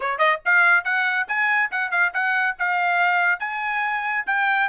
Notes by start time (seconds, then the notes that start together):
0.00 C#5
0.18 D#5
0.45 F5
0.84 F#5
1.27 G#5
1.71 F#5
1.91 F5
2.13 F#5
2.58 F5
3.39 G#5
4.26 G5